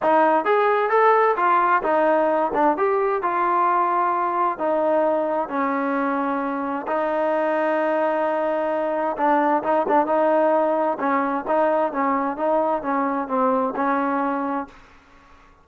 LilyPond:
\new Staff \with { instrumentName = "trombone" } { \time 4/4 \tempo 4 = 131 dis'4 gis'4 a'4 f'4 | dis'4. d'8 g'4 f'4~ | f'2 dis'2 | cis'2. dis'4~ |
dis'1 | d'4 dis'8 d'8 dis'2 | cis'4 dis'4 cis'4 dis'4 | cis'4 c'4 cis'2 | }